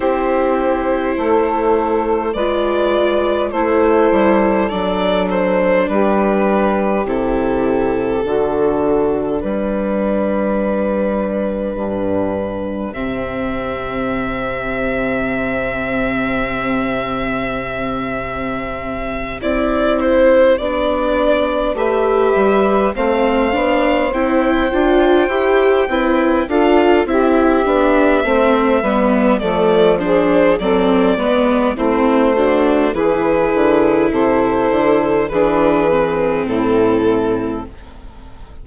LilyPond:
<<
  \new Staff \with { instrumentName = "violin" } { \time 4/4 \tempo 4 = 51 c''2 d''4 c''4 | d''8 c''8 b'4 a'2 | b'2. e''4~ | e''1~ |
e''8 d''8 c''8 d''4 e''4 f''8~ | f''8 g''2 f''8 e''4~ | e''4 d''8 c''8 d''4 c''4 | b'4 c''4 b'4 a'4 | }
  \new Staff \with { instrumentName = "saxophone" } { \time 4/4 g'4 a'4 b'4 a'4~ | a'4 g'2 fis'4 | g'1~ | g'1~ |
g'2~ g'8 b'4 c''8~ | c''2 b'8 a'8 g'4 | c''8 b'8 a'8 gis'8 a'8 b'8 e'8 fis'8 | gis'4 a'4 gis'4 e'4 | }
  \new Staff \with { instrumentName = "viola" } { \time 4/4 e'2 f'4 e'4 | d'2 e'4 d'4~ | d'2. c'4~ | c'1~ |
c'8 e'4 d'4 g'4 c'8 | d'8 e'8 f'8 g'8 e'8 f'8 e'8 d'8 | c'8 b8 a8 d'8 c'8 b8 c'8 d'8 | e'2 d'8 c'4. | }
  \new Staff \with { instrumentName = "bassoon" } { \time 4/4 c'4 a4 gis4 a8 g8 | fis4 g4 c4 d4 | g2 g,4 c4~ | c1~ |
c8 c'4 b4 a8 g8 a8 | b8 c'8 d'8 e'8 c'8 d'8 c'8 b8 | a8 g8 f4 fis8 gis8 a4 | e8 d8 c8 d8 e4 a,4 | }
>>